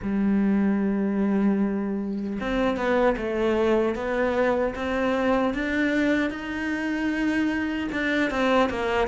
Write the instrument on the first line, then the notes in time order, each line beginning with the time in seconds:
cello
0.02 G3
2.40 C4
2.76 B3
3.17 A3
3.95 B3
4.75 C4
5.54 D4
6.30 D#4
7.92 D4
8.30 C4
8.69 A#3